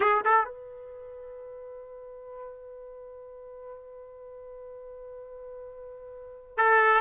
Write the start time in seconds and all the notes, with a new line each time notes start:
0.00 G#4
0.24 A4
0.44 B4
6.57 A4